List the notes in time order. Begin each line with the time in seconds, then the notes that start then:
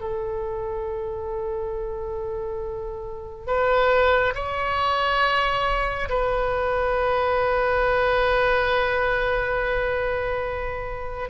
0.00 A4
3.47 B4
4.34 C#5
6.09 B4